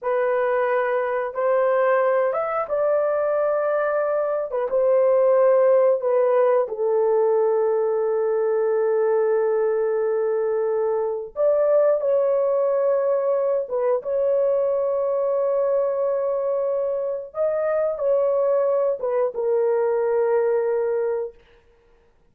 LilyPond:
\new Staff \with { instrumentName = "horn" } { \time 4/4 \tempo 4 = 90 b'2 c''4. e''8 | d''2~ d''8. b'16 c''4~ | c''4 b'4 a'2~ | a'1~ |
a'4 d''4 cis''2~ | cis''8 b'8 cis''2.~ | cis''2 dis''4 cis''4~ | cis''8 b'8 ais'2. | }